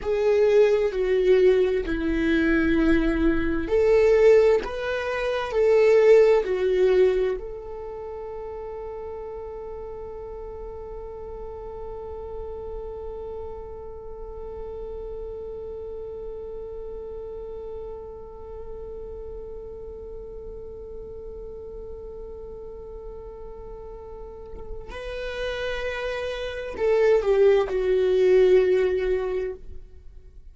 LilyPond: \new Staff \with { instrumentName = "viola" } { \time 4/4 \tempo 4 = 65 gis'4 fis'4 e'2 | a'4 b'4 a'4 fis'4 | a'1~ | a'1~ |
a'1~ | a'1~ | a'2. b'4~ | b'4 a'8 g'8 fis'2 | }